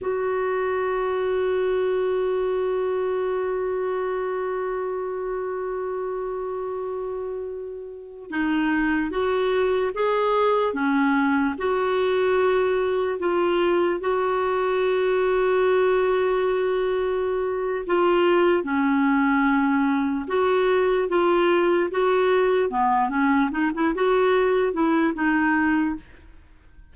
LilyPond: \new Staff \with { instrumentName = "clarinet" } { \time 4/4 \tempo 4 = 74 fis'1~ | fis'1~ | fis'2~ fis'16 dis'4 fis'8.~ | fis'16 gis'4 cis'4 fis'4.~ fis'16~ |
fis'16 f'4 fis'2~ fis'8.~ | fis'2 f'4 cis'4~ | cis'4 fis'4 f'4 fis'4 | b8 cis'8 dis'16 e'16 fis'4 e'8 dis'4 | }